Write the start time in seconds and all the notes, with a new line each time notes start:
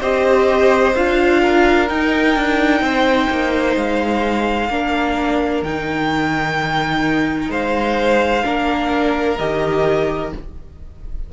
0.00 C4 G4 C5 D#5
0.96 D4 F4 F5
1.42 A#4
1.88 D#4 G5
2.36 D4
2.81 C4 C5
3.29 A#3
3.76 G#3 F5
4.69 A#3 D4 A#4
5.62 D#3 D#4 G5
7.49 G#3 C5 F5
8.43 A#3 D4 A#4
9.38 D#3 G4 D#5